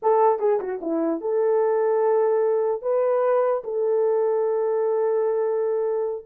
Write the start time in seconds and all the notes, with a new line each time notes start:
0.02 A4
0.39 G#4
0.59 F#4
0.81 E4
1.20 A4
2.82 B4
3.64 A4